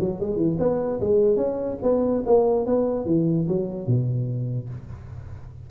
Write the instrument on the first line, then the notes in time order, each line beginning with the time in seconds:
tuba
0.00 F#3
0.20 G#3
0.37 E3
0.59 B3
1.01 G#3
1.37 C#4
1.83 B3
2.26 A#3
2.67 B3
3.06 E3
3.49 F#3
3.87 B2